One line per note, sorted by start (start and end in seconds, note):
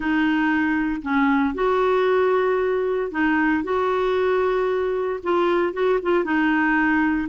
0.00 1.01 D#4
1.02 1.54 C#4
1.54 3.11 F#4
3.11 3.63 D#4
3.63 5.20 F#4
5.23 5.73 F4
5.73 5.99 F#4
6.02 6.24 F4
6.24 7.28 D#4